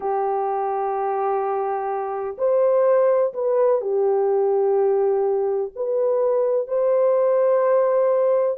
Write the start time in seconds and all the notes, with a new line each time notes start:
0.00 G4
2.38 C5
3.33 B4
3.81 G4
5.75 B4
6.67 C5